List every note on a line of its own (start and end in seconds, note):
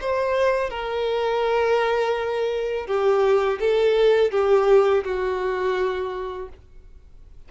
0.00 0.70 C5
0.70 2.86 A#4
2.86 3.58 G4
3.59 4.31 A4
4.31 5.03 G4
5.04 6.48 F#4